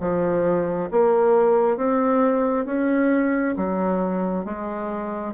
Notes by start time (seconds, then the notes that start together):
0.00 F3
0.91 A#3
1.77 C4
2.65 C#4
3.56 F#3
4.45 G#3